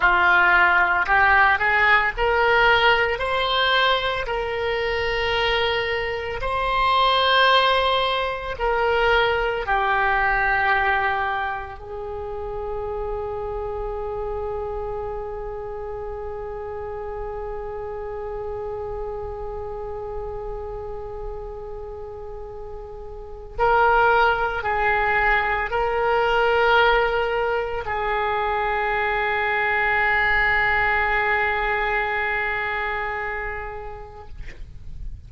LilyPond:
\new Staff \with { instrumentName = "oboe" } { \time 4/4 \tempo 4 = 56 f'4 g'8 gis'8 ais'4 c''4 | ais'2 c''2 | ais'4 g'2 gis'4~ | gis'1~ |
gis'1~ | gis'2 ais'4 gis'4 | ais'2 gis'2~ | gis'1 | }